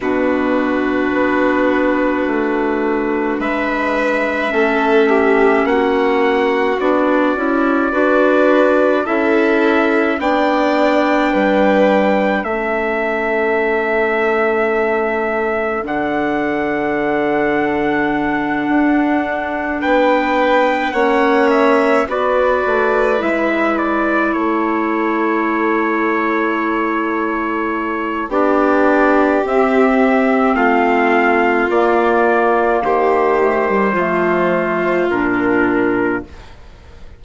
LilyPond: <<
  \new Staff \with { instrumentName = "trumpet" } { \time 4/4 \tempo 4 = 53 b'2. e''4~ | e''4 fis''4 d''2 | e''4 g''2 e''4~ | e''2 fis''2~ |
fis''4. g''4 fis''8 e''8 d''8~ | d''8 e''8 d''8 cis''2~ cis''8~ | cis''4 d''4 e''4 f''4 | d''4 c''2 ais'4 | }
  \new Staff \with { instrumentName = "violin" } { \time 4/4 fis'2. b'4 | a'8 g'8 fis'2 b'4 | a'4 d''4 b'4 a'4~ | a'1~ |
a'4. b'4 cis''4 b'8~ | b'4. a'2~ a'8~ | a'4 g'2 f'4~ | f'4 g'4 f'2 | }
  \new Staff \with { instrumentName = "clarinet" } { \time 4/4 d'1 | cis'2 d'8 e'8 fis'4 | e'4 d'2 cis'4~ | cis'2 d'2~ |
d'2~ d'8 cis'4 fis'8~ | fis'8 e'2.~ e'8~ | e'4 d'4 c'2 | ais4. a16 g16 a4 d'4 | }
  \new Staff \with { instrumentName = "bassoon" } { \time 4/4 b,4 b4 a4 gis4 | a4 ais4 b8 cis'8 d'4 | cis'4 b4 g4 a4~ | a2 d2~ |
d8 d'4 b4 ais4 b8 | a8 gis4 a2~ a8~ | a4 b4 c'4 a4 | ais4 dis4 f4 ais,4 | }
>>